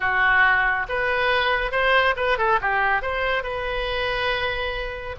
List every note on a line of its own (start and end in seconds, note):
0.00 0.86 F#4
0.88 1.71 B4
1.71 2.14 C5
2.16 2.37 B4
2.38 2.59 A4
2.61 3.02 G4
3.02 3.43 C5
3.43 5.15 B4